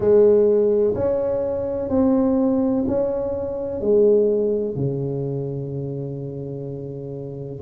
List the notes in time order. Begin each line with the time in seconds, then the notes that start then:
0.00 G#3
0.94 C#4
1.89 C4
2.87 C#4
3.81 G#3
4.75 C#3